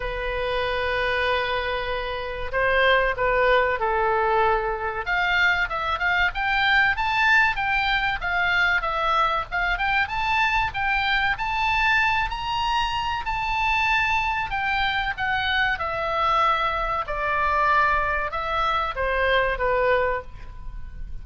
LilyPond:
\new Staff \with { instrumentName = "oboe" } { \time 4/4 \tempo 4 = 95 b'1 | c''4 b'4 a'2 | f''4 e''8 f''8 g''4 a''4 | g''4 f''4 e''4 f''8 g''8 |
a''4 g''4 a''4. ais''8~ | ais''4 a''2 g''4 | fis''4 e''2 d''4~ | d''4 e''4 c''4 b'4 | }